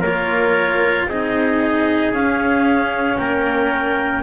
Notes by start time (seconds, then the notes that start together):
0.00 A#3 F4 A#4 C#5
1.05 C4 D#4 G#4 D#5
2.11 C#4 F5
3.18 A#3 A#4 G5